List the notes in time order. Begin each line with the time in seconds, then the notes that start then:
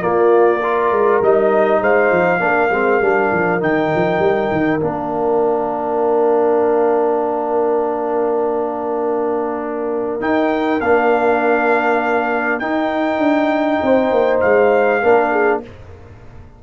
0.00 A#3 F4 D5
0.60 F4 A#4
0.91 G#3
1.21 G3 D#4 D#5
1.80 G#3 C5 F5
2.11 F3
2.39 A#3 D4 A#4
2.70 G#3 C4
3.01 G3 D4
3.32 F3
3.60 D#3 D#4 G5
3.95 F3
4.19 G3
4.51 D#3
4.81 A#3 D4 F5
10.20 D#4 G5
10.80 A#3 D4 F5
12.59 D#4 G5
13.18 D4
13.82 C4 C5
14.11 A#3
14.40 G#3 F5
15.03 A#3 D4 A#4
15.32 G#4